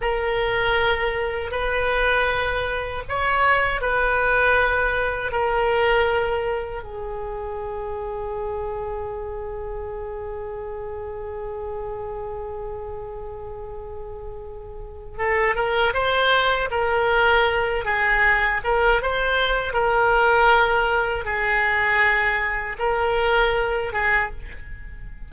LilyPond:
\new Staff \with { instrumentName = "oboe" } { \time 4/4 \tempo 4 = 79 ais'2 b'2 | cis''4 b'2 ais'4~ | ais'4 gis'2.~ | gis'1~ |
gis'1 | a'8 ais'8 c''4 ais'4. gis'8~ | gis'8 ais'8 c''4 ais'2 | gis'2 ais'4. gis'8 | }